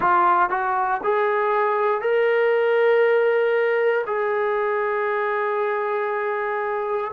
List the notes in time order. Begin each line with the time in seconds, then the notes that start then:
0.00 F4
0.49 F#4
1.03 G#4
2.01 A#4
4.06 G#4